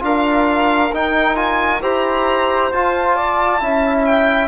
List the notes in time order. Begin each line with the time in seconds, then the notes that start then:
0.00 D4 F4 A#4 F5
0.93 D#4 G5
1.36 F4 G#5
1.82 E4 G4 C5 A#5
2.72 F4 A5
3.15 D5
3.60 C#4 E4 E5
4.06 G5